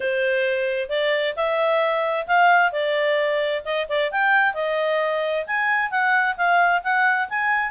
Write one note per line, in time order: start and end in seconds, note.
0.00 0.89 C5
0.89 1.34 D5
1.35 2.26 E5
2.27 2.71 F5
2.71 3.62 D5
3.65 3.87 D#5
3.88 4.11 D5
4.11 4.54 G5
4.54 5.45 D#5
5.47 5.90 G#5
5.90 6.36 F#5
6.36 6.82 F5
6.83 7.29 F#5
7.29 7.71 G#5